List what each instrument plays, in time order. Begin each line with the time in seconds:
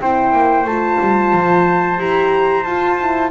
0.00 double bass C4, horn E4, trumpet C5, flute G5
0.33 double bass A#3
0.64 double bass A3, horn F4, flute A5
1.01 double bass G3
1.33 double bass F3
1.98 double bass E4, horn G4, flute A#5
2.64 double bass F4, horn F4, flute A5
3.00 horn E4